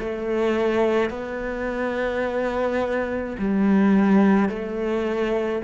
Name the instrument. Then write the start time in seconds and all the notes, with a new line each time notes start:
cello
0.00 A3
1.10 B3
3.39 G3
4.50 A3